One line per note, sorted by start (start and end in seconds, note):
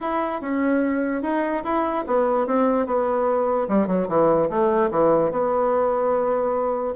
0.01 0.41 E4
0.41 1.22 C#4
1.22 1.63 D#4
1.63 2.04 E4
2.06 2.47 B3
2.47 2.86 C4
2.86 3.68 B3
3.68 3.87 G3
3.87 4.07 F#3
4.08 4.49 E3
4.49 4.90 A3
4.90 5.31 E3
5.31 6.94 B3